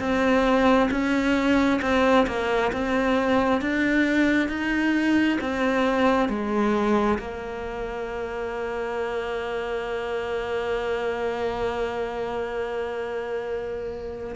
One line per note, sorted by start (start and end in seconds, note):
0.00 0.90 C4
0.91 1.81 C#4
1.82 2.27 C4
2.27 2.72 A#3
2.73 3.61 C4
3.61 4.49 D4
4.49 5.39 D#4
5.41 6.29 C4
6.29 7.18 G#3
7.19 14.35 A#3